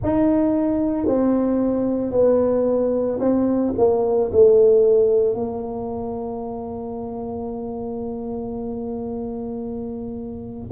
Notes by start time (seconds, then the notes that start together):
0.03 D#4
1.07 C4
2.11 B3
3.19 C4
3.77 A#3
4.31 A3
5.34 A#3